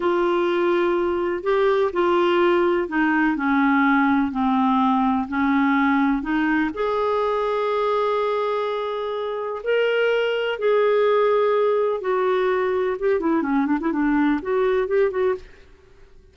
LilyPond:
\new Staff \with { instrumentName = "clarinet" } { \time 4/4 \tempo 4 = 125 f'2. g'4 | f'2 dis'4 cis'4~ | cis'4 c'2 cis'4~ | cis'4 dis'4 gis'2~ |
gis'1 | ais'2 gis'2~ | gis'4 fis'2 g'8 e'8 | cis'8 d'16 e'16 d'4 fis'4 g'8 fis'8 | }